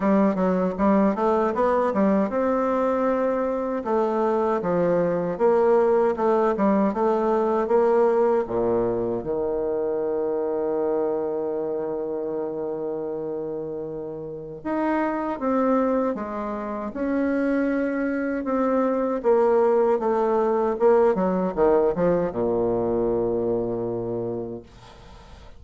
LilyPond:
\new Staff \with { instrumentName = "bassoon" } { \time 4/4 \tempo 4 = 78 g8 fis8 g8 a8 b8 g8 c'4~ | c'4 a4 f4 ais4 | a8 g8 a4 ais4 ais,4 | dis1~ |
dis2. dis'4 | c'4 gis4 cis'2 | c'4 ais4 a4 ais8 fis8 | dis8 f8 ais,2. | }